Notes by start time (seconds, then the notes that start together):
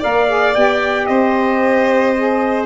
0.00 A#3 A#4 D5 F5
0.28 G#4
0.55 B3 G4 G5
1.07 C4 C5 D#5
2.17 G#4